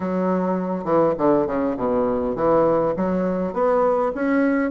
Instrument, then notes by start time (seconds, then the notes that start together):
bassoon
0.00 F#3
0.84 E3
1.18 D3
1.46 C#3
1.76 B2
2.35 E3
2.96 F#3
3.53 B3
4.14 C#4